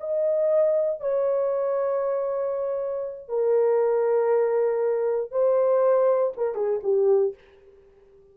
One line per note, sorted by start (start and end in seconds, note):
0.00 1.01 D#5
1.01 3.28 C#5
3.28 5.31 A#4
5.31 6.33 C5
6.37 6.55 A#4
6.55 6.80 G#4
6.83 7.34 G4